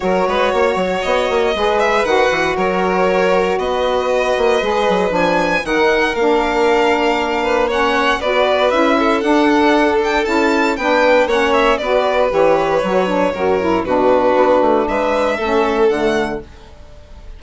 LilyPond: <<
  \new Staff \with { instrumentName = "violin" } { \time 4/4 \tempo 4 = 117 cis''2 dis''4. e''8 | fis''4 cis''2 dis''4~ | dis''2 gis''4 fis''4 | f''2. fis''4 |
d''4 e''4 fis''4. g''8 | a''4 g''4 fis''8 e''8 d''4 | cis''2. b'4~ | b'4 e''2 fis''4 | }
  \new Staff \with { instrumentName = "violin" } { \time 4/4 ais'8 b'8 cis''2 b'4~ | b'4 ais'2 b'4~ | b'2. ais'4~ | ais'2~ ais'8 b'8 cis''4 |
b'4. a'2~ a'8~ | a'4 b'4 cis''4 b'4~ | b'2 ais'4 fis'4~ | fis'4 b'4 a'2 | }
  \new Staff \with { instrumentName = "saxophone" } { \time 4/4 fis'2. gis'4 | fis'1~ | fis'4 gis'4 d'4 dis'4 | d'2. cis'4 |
fis'4 e'4 d'2 | e'4 d'4 cis'4 fis'4 | g'4 fis'8 d'8 fis'8 e'8 d'4~ | d'2 cis'4 a4 | }
  \new Staff \with { instrumentName = "bassoon" } { \time 4/4 fis8 gis8 ais8 fis8 b8 ais8 gis4 | dis8 e8 fis2 b4~ | b8 ais8 gis8 fis8 f4 dis4 | ais1 |
b4 cis'4 d'2 | cis'4 b4 ais4 b4 | e4 fis4 fis,4 b,4 | b8 a8 gis4 a4 d4 | }
>>